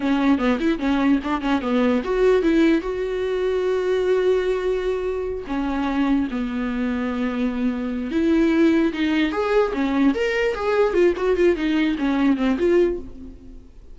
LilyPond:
\new Staff \with { instrumentName = "viola" } { \time 4/4 \tempo 4 = 148 cis'4 b8 e'8 cis'4 d'8 cis'8 | b4 fis'4 e'4 fis'4~ | fis'1~ | fis'4. cis'2 b8~ |
b1 | e'2 dis'4 gis'4 | cis'4 ais'4 gis'4 f'8 fis'8 | f'8 dis'4 cis'4 c'8 f'4 | }